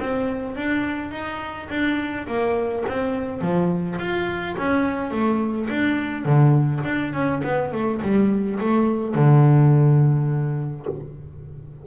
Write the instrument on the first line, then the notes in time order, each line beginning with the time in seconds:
double bass
0.00 C4
0.56 D4
1.12 D#4
1.70 D4
2.28 A#3
2.88 C4
3.42 F3
3.99 F4
4.58 C#4
5.11 A3
5.70 D4
6.25 D3
6.85 D4
7.14 C#4
7.44 B3
7.73 A3
8.03 G3
8.60 A3
9.15 D3